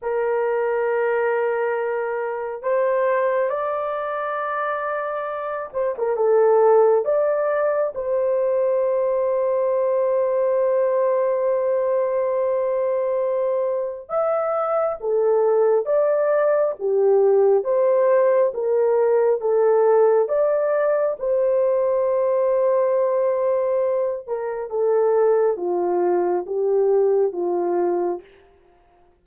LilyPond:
\new Staff \with { instrumentName = "horn" } { \time 4/4 \tempo 4 = 68 ais'2. c''4 | d''2~ d''8 c''16 ais'16 a'4 | d''4 c''2.~ | c''1 |
e''4 a'4 d''4 g'4 | c''4 ais'4 a'4 d''4 | c''2.~ c''8 ais'8 | a'4 f'4 g'4 f'4 | }